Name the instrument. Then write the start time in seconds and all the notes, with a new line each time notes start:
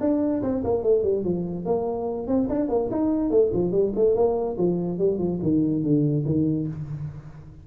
tuba
0.00 D4
0.42 C4
0.64 A#3
0.83 A3
1.03 G3
1.24 F3
1.65 A#3
2.27 C4
2.49 D4
2.69 A#3
2.91 D#4
3.30 A3
3.53 F3
3.72 G3
3.95 A3
4.15 A#3
4.58 F3
4.98 G3
5.18 F3
5.42 D#3
5.83 D3
6.25 D#3